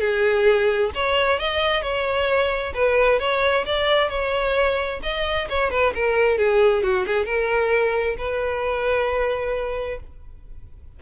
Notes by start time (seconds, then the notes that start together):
0.00 G#4
0.94 C#5
1.39 D#5
1.82 C#5
2.74 B4
3.19 C#5
3.65 D5
4.09 C#5
5.02 D#5
5.49 C#5
5.70 B4
5.94 A#4
6.38 G#4
6.83 F#4
7.06 G#4
7.25 A#4
8.18 B4